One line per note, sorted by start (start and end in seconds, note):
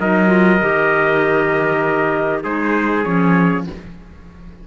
0.00 0.62 F#3
0.00 0.27 D#4
0.00 2.43 A#4
0.00 2.44 D#5
0.27 0.58 F4
0.61 2.44 D#3
0.61 2.44 G4
2.43 3.05 G#3
2.43 3.04 D#4
2.43 3.66 G#4
2.43 3.04 C5
3.04 3.67 F3
3.04 3.65 C#4
3.04 3.65 C#5